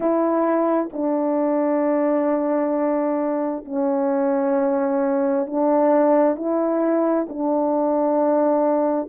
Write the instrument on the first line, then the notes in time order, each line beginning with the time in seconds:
horn
0.00 E4
0.92 D4
3.64 C#4
5.46 D4
6.36 E4
7.28 D4